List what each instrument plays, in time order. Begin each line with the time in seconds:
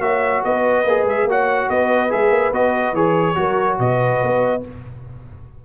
0.00 tuba A#3, trombone F#4, horn C#5, trumpet E5
0.44 tuba B3, horn B4, trumpet D#5
0.85 tuba A#3, trombone G#4
1.04 tuba G#3, trumpet E5
1.25 tuba A#3, trombone F#4, horn C#5
1.31 trumpet F#5
1.70 tuba B3, horn B4, trumpet D#5
2.10 tuba G#3, trombone G#4, trumpet E5
2.31 tuba A#3
2.53 tuba B3, trombone F#4, trumpet D#5
2.93 tuba E3, trombone G#4, trumpet C#5
3.35 tuba F#3, trombone F#4, horn A#4
3.79 tuba B2, horn B4, trumpet D#5
4.23 tuba B3